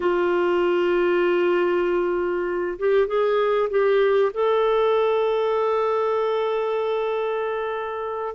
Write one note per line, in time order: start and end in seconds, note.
0.00 2.78 F4
2.78 3.07 G4
3.07 3.69 G#4
3.70 4.32 G4
4.33 8.34 A4